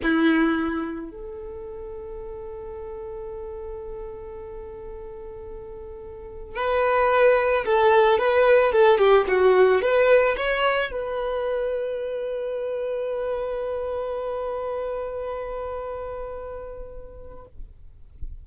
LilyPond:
\new Staff \with { instrumentName = "violin" } { \time 4/4 \tempo 4 = 110 e'2 a'2~ | a'1~ | a'1 | b'2 a'4 b'4 |
a'8 g'8 fis'4 b'4 cis''4 | b'1~ | b'1~ | b'1 | }